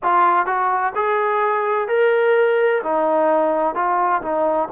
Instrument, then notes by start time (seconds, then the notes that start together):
trombone
0.03 F4
0.46 F#4
0.95 G#4
1.87 A#4
2.83 D#4
3.75 F4
4.21 D#4